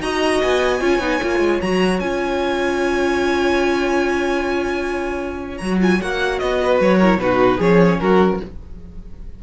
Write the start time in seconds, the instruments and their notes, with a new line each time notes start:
0.00 cello D#4, viola F#4, violin D#5 A#5
0.42 cello B3, violin G#5
0.81 cello C#4, viola F4, violin C#5
1.00 cello B3, viola D#4
1.22 cello A#3, viola F4
1.39 cello G#3
1.61 cello F#3, viola F#4, violin A#5
2.00 cello C#4, viola F4, violin G#5
5.58 cello F#3, viola F#4, violin A#5
5.80 viola F4, violin G#5
6.01 cello A#3, viola F#4, violin F#5
6.39 cello B3, violin D#5
6.62 violin B4
6.80 cello F#3, violin C#5
6.99 viola E4, violin A#4
7.17 cello B2, viola D#4, violin F#4 B4
7.58 cello F3, viola C#4, violin G#4 C#5
8.00 cello F#3, violin F#4 A#4